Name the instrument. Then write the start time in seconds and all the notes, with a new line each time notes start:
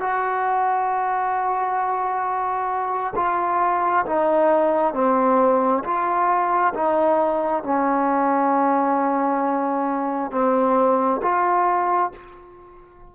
trombone
0.00 F#4
3.16 F4
4.05 D#4
4.94 C4
5.84 F4
6.74 D#4
7.63 C#4
10.31 C4
11.22 F4